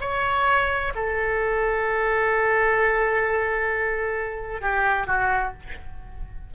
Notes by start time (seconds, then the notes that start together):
0.00 C#5
0.95 A4
4.61 G4
5.06 F#4